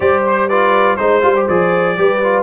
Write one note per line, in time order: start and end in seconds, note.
0.00 0.97 G3
0.00 0.49 G4
0.00 0.48 C5
0.00 0.23 D5
0.26 0.49 C5
0.48 0.98 F4
0.48 0.97 B4
0.48 0.96 D5
0.96 1.22 G#3
0.96 1.22 D#4
0.96 1.45 C5
0.96 1.97 C5
1.22 1.46 G3
1.22 1.34 F4
1.36 1.48 G4
1.47 1.97 F3
1.47 1.97 G#4
1.47 2.43 D5
1.97 2.43 G3
1.97 2.22 G4
1.97 2.43 B4
2.23 2.43 F4